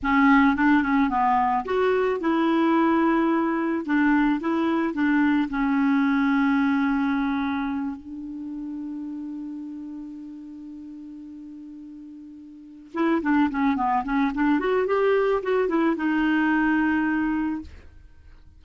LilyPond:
\new Staff \with { instrumentName = "clarinet" } { \time 4/4 \tempo 4 = 109 cis'4 d'8 cis'8 b4 fis'4 | e'2. d'4 | e'4 d'4 cis'2~ | cis'2~ cis'8 d'4.~ |
d'1~ | d'2.~ d'8 e'8 | d'8 cis'8 b8 cis'8 d'8 fis'8 g'4 | fis'8 e'8 dis'2. | }